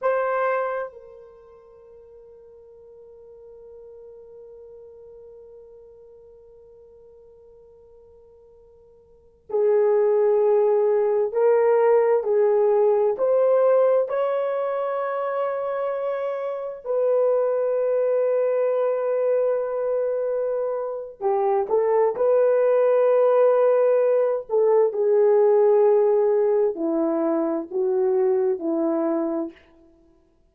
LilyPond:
\new Staff \with { instrumentName = "horn" } { \time 4/4 \tempo 4 = 65 c''4 ais'2.~ | ais'1~ | ais'2~ ais'16 gis'4.~ gis'16~ | gis'16 ais'4 gis'4 c''4 cis''8.~ |
cis''2~ cis''16 b'4.~ b'16~ | b'2. g'8 a'8 | b'2~ b'8 a'8 gis'4~ | gis'4 e'4 fis'4 e'4 | }